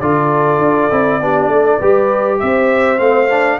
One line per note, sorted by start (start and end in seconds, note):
0.00 0.58 D3
0.00 0.91 F4
0.00 1.21 A4
0.00 2.40 D5
0.58 0.89 D4
0.91 1.20 C4
0.91 1.21 E4
1.20 1.48 B3
1.20 1.81 D4
1.20 1.53 G4
1.48 1.78 A3
1.48 1.79 A4
1.79 2.41 G3
1.79 2.98 G4
1.79 2.39 B4
2.40 3.00 C4
2.40 3.60 C5
2.40 2.99 E5
2.98 3.60 A3
2.98 3.28 C4
2.98 3.59 F5
3.31 3.60 D4